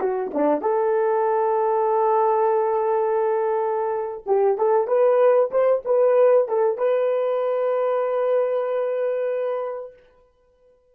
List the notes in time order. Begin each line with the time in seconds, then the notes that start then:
0.00 F#4
0.34 D4
0.62 A4
4.26 G4
4.58 A4
4.88 B4
5.51 C5
5.85 B4
6.49 A4
6.78 B4